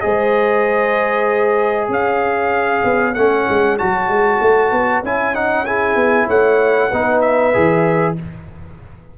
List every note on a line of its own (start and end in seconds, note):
0.00 1.89 G#3
0.00 3.14 G#4
0.00 1.91 C5
0.00 1.88 D#5
1.89 2.82 C#4
1.89 5.66 C#5
1.89 3.14 F5
2.84 3.15 B3
3.14 3.47 A3
3.14 3.79 C#4
3.14 3.77 F#5
3.49 3.80 G#3
3.78 4.08 F#3
3.78 5.04 F#4
3.78 5.03 A5
4.08 4.39 G#3
4.40 4.71 A3
4.71 5.03 B3
5.03 5.95 C#4
5.03 5.34 E4
5.03 5.35 G#5
5.34 5.65 D#4
5.34 5.65 F#5
5.65 6.91 E4
5.65 6.27 G#4
5.65 6.28 G#5
5.95 6.27 B3
6.27 6.91 A3
6.27 6.89 C#5
6.27 7.21 F#5
6.89 7.55 B3
6.89 7.53 D#4
6.89 8.14 B4
7.21 8.15 E5
7.53 8.18 E3
7.53 8.16 G#4